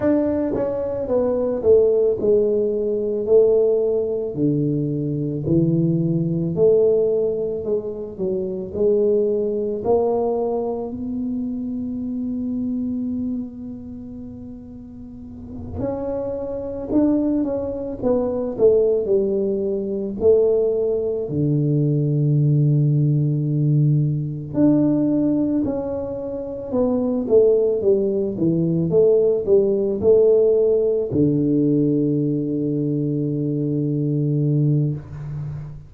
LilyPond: \new Staff \with { instrumentName = "tuba" } { \time 4/4 \tempo 4 = 55 d'8 cis'8 b8 a8 gis4 a4 | d4 e4 a4 gis8 fis8 | gis4 ais4 b2~ | b2~ b8 cis'4 d'8 |
cis'8 b8 a8 g4 a4 d8~ | d2~ d8 d'4 cis'8~ | cis'8 b8 a8 g8 e8 a8 g8 a8~ | a8 d2.~ d8 | }